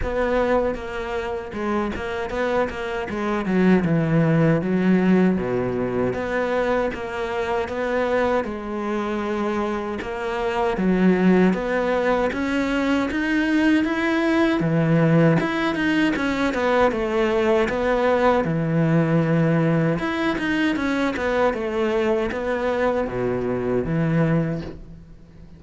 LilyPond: \new Staff \with { instrumentName = "cello" } { \time 4/4 \tempo 4 = 78 b4 ais4 gis8 ais8 b8 ais8 | gis8 fis8 e4 fis4 b,4 | b4 ais4 b4 gis4~ | gis4 ais4 fis4 b4 |
cis'4 dis'4 e'4 e4 | e'8 dis'8 cis'8 b8 a4 b4 | e2 e'8 dis'8 cis'8 b8 | a4 b4 b,4 e4 | }